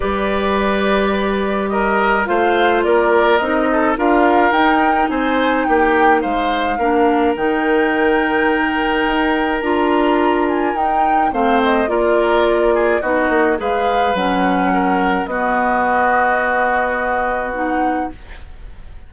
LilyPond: <<
  \new Staff \with { instrumentName = "flute" } { \time 4/4 \tempo 4 = 106 d''2. dis''4 | f''4 d''4 dis''4 f''4 | g''4 gis''4 g''4 f''4~ | f''4 g''2.~ |
g''4 ais''4. gis''8 g''4 | f''8 dis''8 d''2 dis''4 | f''4 fis''2 dis''4~ | dis''2. fis''4 | }
  \new Staff \with { instrumentName = "oboe" } { \time 4/4 b'2. ais'4 | c''4 ais'4. a'8 ais'4~ | ais'4 c''4 g'4 c''4 | ais'1~ |
ais'1 | c''4 ais'4. gis'8 fis'4 | b'2 ais'4 fis'4~ | fis'1 | }
  \new Staff \with { instrumentName = "clarinet" } { \time 4/4 g'1 | f'2 dis'4 f'4 | dis'1 | d'4 dis'2.~ |
dis'4 f'2 dis'4 | c'4 f'2 dis'4 | gis'4 cis'2 b4~ | b2. dis'4 | }
  \new Staff \with { instrumentName = "bassoon" } { \time 4/4 g1 | a4 ais4 c'4 d'4 | dis'4 c'4 ais4 gis4 | ais4 dis2. |
dis'4 d'2 dis'4 | a4 ais2 b8 ais8 | gis4 fis2 b4~ | b1 | }
>>